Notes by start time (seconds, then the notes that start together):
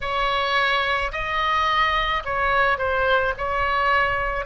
0.00 C#5
1.12 D#5
2.24 C#5
2.78 C5
3.37 C#5